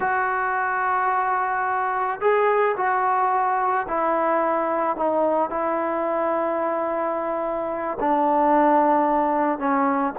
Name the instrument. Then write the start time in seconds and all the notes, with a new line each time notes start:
trombone
0.00 F#4
2.20 G#4
2.76 F#4
3.88 E4
4.96 D#4
5.50 E4
8.00 D4
9.58 C#4